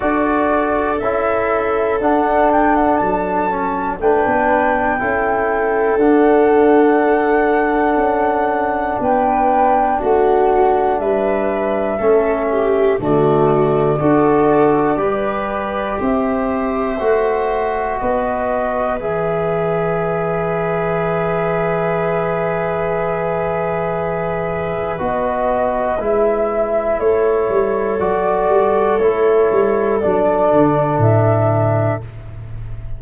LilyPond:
<<
  \new Staff \with { instrumentName = "flute" } { \time 4/4 \tempo 4 = 60 d''4 e''4 fis''8 g''16 fis''16 a''4 | g''2 fis''2~ | fis''4 g''4 fis''4 e''4~ | e''4 d''2. |
e''2 dis''4 e''4~ | e''1~ | e''4 dis''4 e''4 cis''4 | d''4 cis''4 d''4 e''4 | }
  \new Staff \with { instrumentName = "viola" } { \time 4/4 a'1 | b'4 a'2.~ | a'4 b'4 fis'4 b'4 | a'8 g'8 fis'4 a'4 b'4 |
c''2 b'2~ | b'1~ | b'2. a'4~ | a'1 | }
  \new Staff \with { instrumentName = "trombone" } { \time 4/4 fis'4 e'4 d'4. cis'8 | d'4 e'4 d'2~ | d'1 | cis'4 a4 fis'4 g'4~ |
g'4 fis'2 gis'4~ | gis'1~ | gis'4 fis'4 e'2 | fis'4 e'4 d'2 | }
  \new Staff \with { instrumentName = "tuba" } { \time 4/4 d'4 cis'4 d'4 fis4 | a16 b8. cis'4 d'2 | cis'4 b4 a4 g4 | a4 d4 d'4 g4 |
c'4 a4 b4 e4~ | e1~ | e4 b4 gis4 a8 g8 | fis8 g8 a8 g8 fis8 d8 a,4 | }
>>